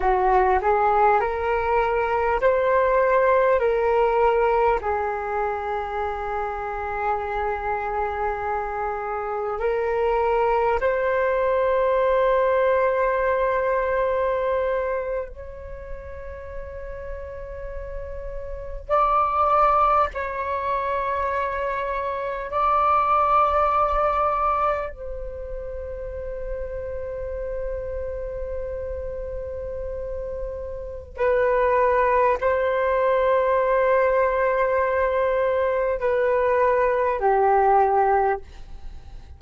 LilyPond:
\new Staff \with { instrumentName = "flute" } { \time 4/4 \tempo 4 = 50 fis'8 gis'8 ais'4 c''4 ais'4 | gis'1 | ais'4 c''2.~ | c''8. cis''2. d''16~ |
d''8. cis''2 d''4~ d''16~ | d''8. c''2.~ c''16~ | c''2 b'4 c''4~ | c''2 b'4 g'4 | }